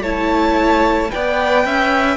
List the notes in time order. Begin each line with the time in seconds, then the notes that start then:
0.00 A3 E4 C#5 A5
1.09 B4 D5 G5
1.15 B3
1.65 C#4 E5